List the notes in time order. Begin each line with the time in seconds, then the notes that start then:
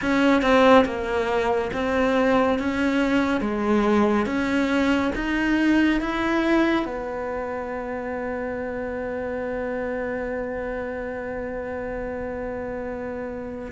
0.01 C#4
0.41 C4
0.85 A#3
1.73 C4
2.59 C#4
3.41 G#3
4.26 C#4
5.15 D#4
6.00 E4
6.85 B3